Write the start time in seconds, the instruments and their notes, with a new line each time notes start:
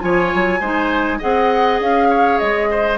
0.00 bassoon F3, clarinet F4, oboe C#5, flute G#5
0.34 bassoon F#3
0.60 bassoon G#3, clarinet D#4, oboe C5
1.18 bassoon C4, clarinet G#4, oboe D#5, flute F#5
1.80 bassoon C#4, flute F5
2.10 oboe C#5
2.38 bassoon G#3, flute D#5
2.70 oboe C5